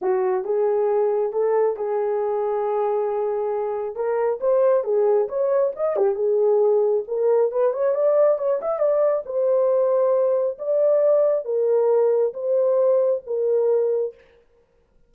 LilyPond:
\new Staff \with { instrumentName = "horn" } { \time 4/4 \tempo 4 = 136 fis'4 gis'2 a'4 | gis'1~ | gis'4 ais'4 c''4 gis'4 | cis''4 dis''8 g'8 gis'2 |
ais'4 b'8 cis''8 d''4 cis''8 e''8 | d''4 c''2. | d''2 ais'2 | c''2 ais'2 | }